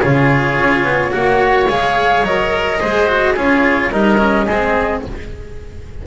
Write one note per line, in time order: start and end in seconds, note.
0.00 0.59 C#3
0.00 1.11 F4
0.00 1.11 G#4
0.00 1.12 C#5
0.59 0.84 C#4
0.84 1.12 B3
1.11 1.69 A#3
1.11 1.66 F#4
1.11 2.79 C#5
1.11 1.68 F#5
1.69 2.22 G#3
1.69 2.25 G#4
1.69 2.25 F5
2.22 2.78 F#3
2.22 2.80 A#4
2.22 3.36 D#5
2.80 3.37 G#3
2.80 3.07 G#4
2.80 3.34 C5
3.07 3.35 F#4
3.34 3.91 C#4
3.34 3.91 F4
3.34 3.90 G#4
3.34 3.91 C#5
3.91 4.47 G3
3.91 4.18 D#4
3.91 4.46 A#4
3.91 5.02 D#5
4.18 4.46 C#4
4.46 5.03 G#3
4.46 5.06 C4
4.46 5.02 G#4